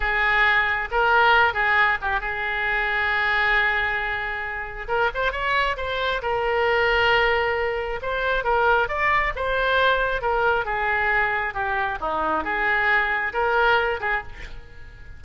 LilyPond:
\new Staff \with { instrumentName = "oboe" } { \time 4/4 \tempo 4 = 135 gis'2 ais'4. gis'8~ | gis'8 g'8 gis'2.~ | gis'2. ais'8 c''8 | cis''4 c''4 ais'2~ |
ais'2 c''4 ais'4 | d''4 c''2 ais'4 | gis'2 g'4 dis'4 | gis'2 ais'4. gis'8 | }